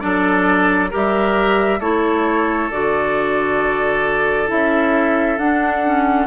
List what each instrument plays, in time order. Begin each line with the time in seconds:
0.00 bassoon F#3, clarinet D4, oboe A4, flute D5
0.90 bassoon G3, clarinet G4, oboe A#4, flute E5
1.79 bassoon A3, clarinet E4, oboe A4, flute C#5
2.71 bassoon D3, clarinet F#4, flute D5
4.47 bassoon C#4, clarinet E4, flute E5
5.38 bassoon D4, clarinet D4, flute F#5
5.85 clarinet C#4